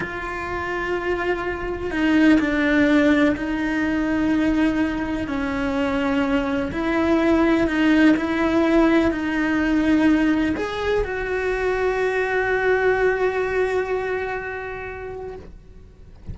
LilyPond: \new Staff \with { instrumentName = "cello" } { \time 4/4 \tempo 4 = 125 f'1 | dis'4 d'2 dis'4~ | dis'2. cis'4~ | cis'2 e'2 |
dis'4 e'2 dis'4~ | dis'2 gis'4 fis'4~ | fis'1~ | fis'1 | }